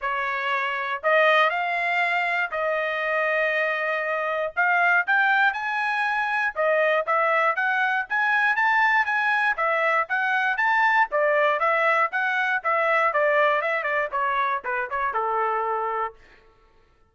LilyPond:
\new Staff \with { instrumentName = "trumpet" } { \time 4/4 \tempo 4 = 119 cis''2 dis''4 f''4~ | f''4 dis''2.~ | dis''4 f''4 g''4 gis''4~ | gis''4 dis''4 e''4 fis''4 |
gis''4 a''4 gis''4 e''4 | fis''4 a''4 d''4 e''4 | fis''4 e''4 d''4 e''8 d''8 | cis''4 b'8 cis''8 a'2 | }